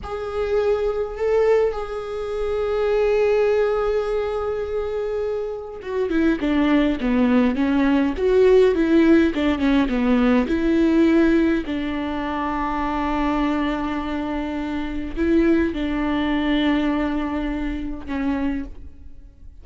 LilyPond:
\new Staff \with { instrumentName = "viola" } { \time 4/4 \tempo 4 = 103 gis'2 a'4 gis'4~ | gis'1~ | gis'2 fis'8 e'8 d'4 | b4 cis'4 fis'4 e'4 |
d'8 cis'8 b4 e'2 | d'1~ | d'2 e'4 d'4~ | d'2. cis'4 | }